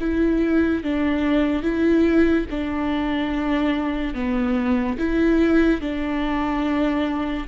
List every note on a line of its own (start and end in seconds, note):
0.00 0.83 E4
0.83 1.62 D4
1.62 2.46 E4
2.50 4.14 D4
4.14 4.97 B3
4.98 5.81 E4
5.81 7.47 D4